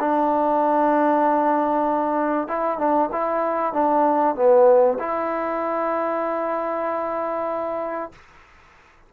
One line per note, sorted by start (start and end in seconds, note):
0.00 2.48 D4
2.48 2.78 E4
2.78 3.10 D4
3.12 3.73 E4
3.73 4.36 D4
4.36 4.98 B3
4.99 8.12 E4